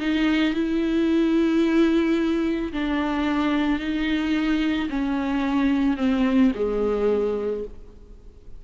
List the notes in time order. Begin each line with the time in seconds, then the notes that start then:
0.00 D#4
0.54 E4
2.72 D4
3.80 D#4
4.89 C#4
5.97 C4
6.55 G#3